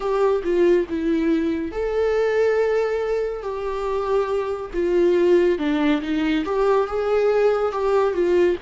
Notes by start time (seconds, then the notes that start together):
0.00 G4
0.43 F4
0.89 E4
1.71 A4
3.42 G4
4.73 F4
5.58 D4
6.01 D#4
6.45 G4
6.86 G#4
7.72 G4
8.13 F4